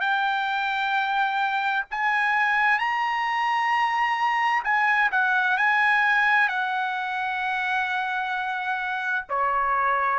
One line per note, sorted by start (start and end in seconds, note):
0.00 1.85 G5
1.91 2.79 G#5
2.79 4.63 A#5
4.64 5.10 G#5
5.11 5.57 F#5
5.57 6.48 G#5
6.48 9.25 F#5
9.29 10.19 C#5